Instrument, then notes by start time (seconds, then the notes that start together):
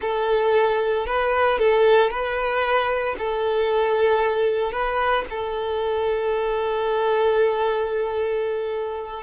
violin
0.01 A4
1.06 B4
1.58 A4
2.10 B4
3.18 A4
4.72 B4
5.29 A4